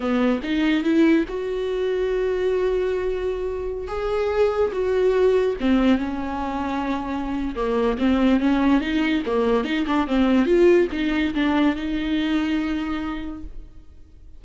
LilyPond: \new Staff \with { instrumentName = "viola" } { \time 4/4 \tempo 4 = 143 b4 dis'4 e'4 fis'4~ | fis'1~ | fis'4~ fis'16 gis'2 fis'8.~ | fis'4~ fis'16 c'4 cis'4.~ cis'16~ |
cis'2 ais4 c'4 | cis'4 dis'4 ais4 dis'8 d'8 | c'4 f'4 dis'4 d'4 | dis'1 | }